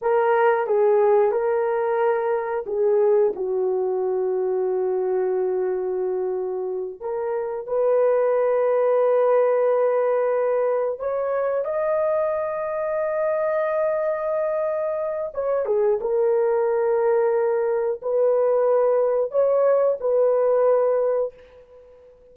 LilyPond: \new Staff \with { instrumentName = "horn" } { \time 4/4 \tempo 4 = 90 ais'4 gis'4 ais'2 | gis'4 fis'2.~ | fis'2~ fis'8 ais'4 b'8~ | b'1~ |
b'8 cis''4 dis''2~ dis''8~ | dis''2. cis''8 gis'8 | ais'2. b'4~ | b'4 cis''4 b'2 | }